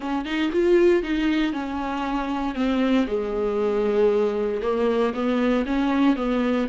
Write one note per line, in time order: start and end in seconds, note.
0.00 0.25 C#4
0.25 0.50 D#4
0.52 1.02 F4
1.02 1.52 D#4
1.52 2.55 C#4
2.55 3.06 C4
3.07 4.61 G#3
4.62 5.13 A#3
5.13 5.64 B3
5.65 6.15 C#4
6.15 6.67 B3